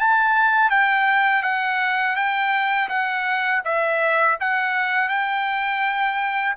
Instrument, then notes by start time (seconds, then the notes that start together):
trumpet
0.00 A5
0.71 G5
1.43 F#5
2.16 G5
2.89 F#5
3.65 E5
4.40 F#5
5.09 G5